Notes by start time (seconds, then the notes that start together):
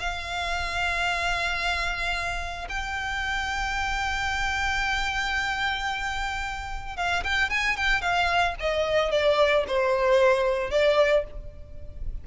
0.00 F5
2.69 G5
6.97 F5
7.24 G5
7.50 G#5
7.77 G5
8.02 F5
8.60 D#5
9.11 D5
9.68 C5
10.71 D5